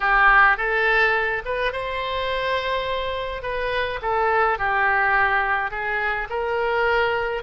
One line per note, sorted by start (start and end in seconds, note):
0.00 0.57 G4
0.57 1.42 A4
1.45 1.72 B4
1.72 3.42 C5
3.42 3.99 B4
4.02 4.58 A4
4.58 5.71 G4
5.71 6.28 G#4
6.29 7.43 A#4